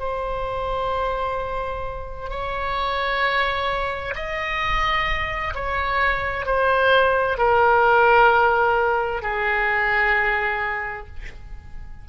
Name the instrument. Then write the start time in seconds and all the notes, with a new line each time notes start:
oboe
0.00 C5
2.30 C#5
4.16 D#5
5.55 C#5
6.46 C5
7.38 A#4
9.23 G#4